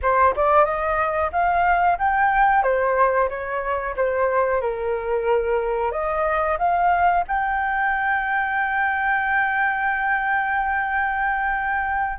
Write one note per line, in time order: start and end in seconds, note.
0.01 0.34 C5
0.36 0.64 D5
0.64 1.30 D#5
1.32 1.98 F5
1.98 2.63 G5
2.63 3.28 C5
3.29 3.95 C#5
3.96 4.61 C5
4.61 5.91 A#4
5.91 6.57 D#5
6.58 7.24 F5
7.27 12.19 G5